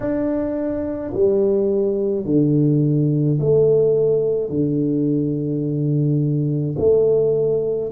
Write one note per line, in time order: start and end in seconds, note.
0.00 1.13 D4
1.13 2.25 G3
2.25 3.38 D3
3.40 4.49 A3
4.49 6.76 D3
6.78 7.91 A3